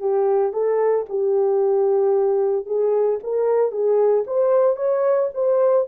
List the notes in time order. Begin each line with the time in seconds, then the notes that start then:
0.00 G4
0.53 A4
1.10 G4
2.66 G#4
3.23 A#4
3.72 G#4
4.27 C5
4.77 C#5
5.35 C5